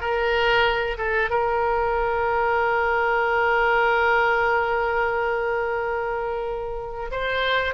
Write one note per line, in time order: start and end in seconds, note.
0.00 0.97 A#4
0.97 1.30 A4
1.30 7.10 A#4
7.11 7.74 C5